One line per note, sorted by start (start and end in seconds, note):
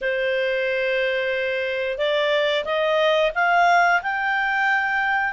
0.01 1.98 C5
1.98 2.64 D5
2.65 3.31 D#5
3.35 4.01 F5
4.02 5.32 G5